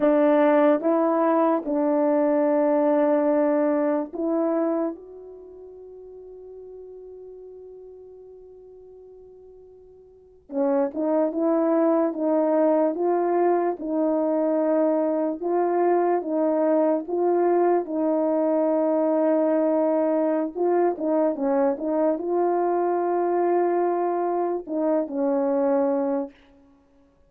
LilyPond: \new Staff \with { instrumentName = "horn" } { \time 4/4 \tempo 4 = 73 d'4 e'4 d'2~ | d'4 e'4 fis'2~ | fis'1~ | fis'8. cis'8 dis'8 e'4 dis'4 f'16~ |
f'8. dis'2 f'4 dis'16~ | dis'8. f'4 dis'2~ dis'16~ | dis'4 f'8 dis'8 cis'8 dis'8 f'4~ | f'2 dis'8 cis'4. | }